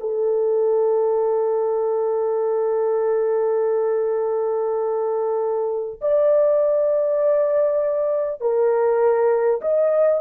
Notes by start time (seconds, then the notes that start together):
0.00 A4
6.01 D5
8.41 A#4
9.62 D#5